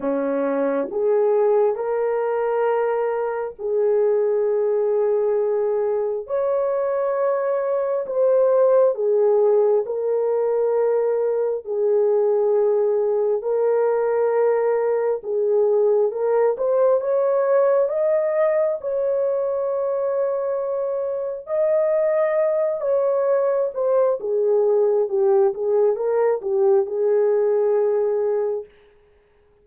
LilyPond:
\new Staff \with { instrumentName = "horn" } { \time 4/4 \tempo 4 = 67 cis'4 gis'4 ais'2 | gis'2. cis''4~ | cis''4 c''4 gis'4 ais'4~ | ais'4 gis'2 ais'4~ |
ais'4 gis'4 ais'8 c''8 cis''4 | dis''4 cis''2. | dis''4. cis''4 c''8 gis'4 | g'8 gis'8 ais'8 g'8 gis'2 | }